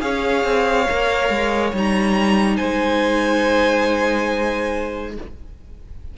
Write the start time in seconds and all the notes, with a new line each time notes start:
0.00 C#4 G#4 C#5 F5
0.44 C4
0.89 A#3 A#4
1.29 G#3
1.72 G3 D#4 A#5
2.56 G#3 C5 G#5